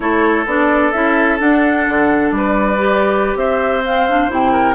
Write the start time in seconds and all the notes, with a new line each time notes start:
0.00 A3 E4 A4 C#5
0.45 B3 D4 D5
0.91 C#4 E4 E5
1.39 D4 F#5
1.88 D3
2.31 G3 B4 D5
2.78 G4
3.35 C4 C5 E5
3.84 C4 F5
4.09 D4
4.29 C3 E4 G5
4.52 A#4